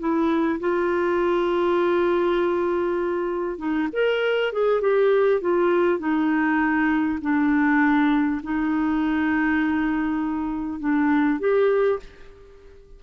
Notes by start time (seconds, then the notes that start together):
0.00 E4
0.60 F4
3.59 D#4
3.93 A#4
4.53 G#4
4.82 G4
5.42 F4
6.00 D#4
7.22 D4
8.44 D#4
10.80 D4
11.40 G4